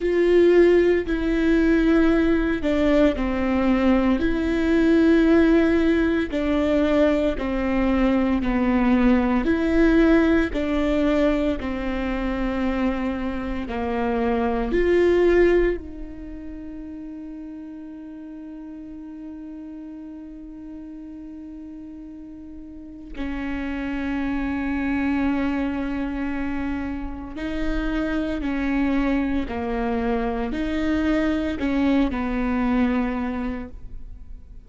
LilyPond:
\new Staff \with { instrumentName = "viola" } { \time 4/4 \tempo 4 = 57 f'4 e'4. d'8 c'4 | e'2 d'4 c'4 | b4 e'4 d'4 c'4~ | c'4 ais4 f'4 dis'4~ |
dis'1~ | dis'2 cis'2~ | cis'2 dis'4 cis'4 | ais4 dis'4 cis'8 b4. | }